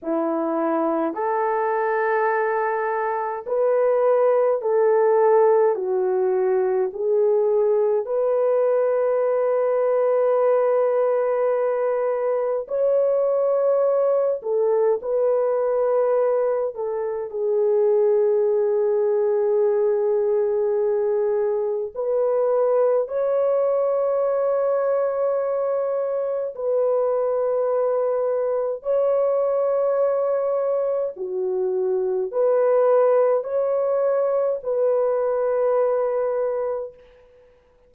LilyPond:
\new Staff \with { instrumentName = "horn" } { \time 4/4 \tempo 4 = 52 e'4 a'2 b'4 | a'4 fis'4 gis'4 b'4~ | b'2. cis''4~ | cis''8 a'8 b'4. a'8 gis'4~ |
gis'2. b'4 | cis''2. b'4~ | b'4 cis''2 fis'4 | b'4 cis''4 b'2 | }